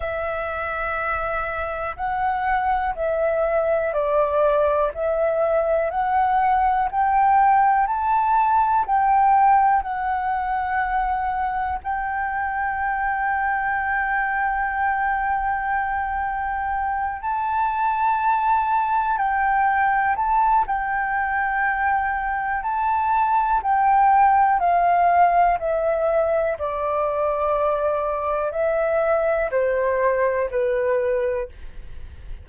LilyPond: \new Staff \with { instrumentName = "flute" } { \time 4/4 \tempo 4 = 61 e''2 fis''4 e''4 | d''4 e''4 fis''4 g''4 | a''4 g''4 fis''2 | g''1~ |
g''4. a''2 g''8~ | g''8 a''8 g''2 a''4 | g''4 f''4 e''4 d''4~ | d''4 e''4 c''4 b'4 | }